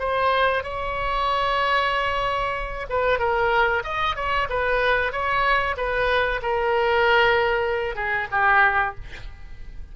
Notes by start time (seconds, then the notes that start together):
0.00 C5
0.64 C#5
2.90 B4
3.20 A#4
3.84 D#5
4.16 C#5
4.50 B4
5.13 C#5
5.77 B4
6.43 A#4
7.96 G#4
8.32 G4